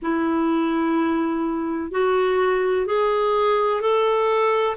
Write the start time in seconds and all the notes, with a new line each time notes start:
0.02 E4
1.91 F#4
2.86 G#4
3.81 A4